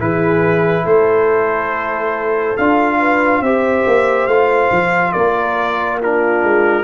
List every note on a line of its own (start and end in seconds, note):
0.00 0.85 E3
0.00 2.57 E4
0.00 0.84 G#4
0.00 0.86 B4
0.84 2.57 A3
0.84 2.98 A4
0.84 2.57 C5
2.57 3.42 D4
2.57 3.45 F4
2.57 3.43 F5
2.99 3.42 B4
3.42 3.84 C4
3.42 4.30 G4
3.42 5.14 C5
3.42 4.27 E5
3.87 4.27 A#3
4.27 4.70 A3
4.27 6.02 F4
4.27 5.13 F5
4.72 5.14 F3
5.13 6.44 A#3
5.13 5.99 A#4
5.13 5.99 D5
6.01 6.84 D4
6.01 6.84 F4
6.01 6.84 A#4
6.44 6.84 G#3